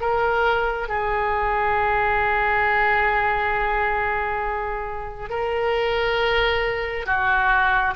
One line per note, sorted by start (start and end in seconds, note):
0.00 0.88 A#4
0.88 5.29 G#4
5.29 7.05 A#4
7.05 7.94 F#4